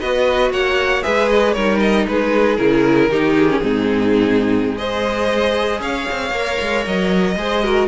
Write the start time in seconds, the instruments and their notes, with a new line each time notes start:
0.00 cello B3, viola F#4, violin B4 D#5
0.50 cello A#3, violin C#5 F#5
1.03 cello G#3, viola G#4, violin B4 E5
1.29 violin D#5
1.52 cello G3, viola D#4, violin A#4 C#5
1.80 violin D#5
2.07 cello G#3, violin G#4 B4
2.56 cello C#3, viola E4, violin A#4
3.08 cello D#3, viola D#4, violin G4
3.37 violin G#4
3.50 viola C#4
3.60 cello G#2, viola C4, violin D#4
4.64 cello G#3
4.77 viola G#4, violin C5 D#5
5.80 cello C#4, violin C#5 F5
6.11 cello C4
6.31 cello A#3, viola A#4
6.61 cello G#3
6.86 cello F#3, violin D#5
7.36 cello G#3, viola G#4, violin C5
7.64 viola F#4, violin A#4